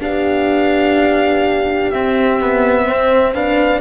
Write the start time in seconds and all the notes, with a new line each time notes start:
0.00 B3 D4 G4 F5
1.90 C4 E5
2.41 B3
2.85 C4 C5
3.33 D4 B4 F5